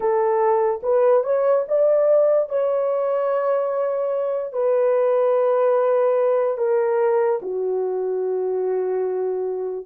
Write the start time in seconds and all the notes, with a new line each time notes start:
0.00 A4
0.83 B4
1.23 C#5
1.68 D5
2.49 C#5
4.52 B4
6.58 A#4
7.42 F#4